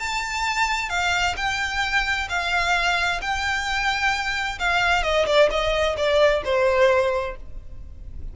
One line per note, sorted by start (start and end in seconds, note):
0.00 0.90 A5
0.90 1.36 F5
1.37 2.28 G5
2.29 3.21 F5
3.22 4.59 G5
4.59 5.03 F5
5.03 5.26 D#5
5.27 5.50 D5
5.51 5.97 D#5
5.97 6.43 D5
6.45 7.37 C5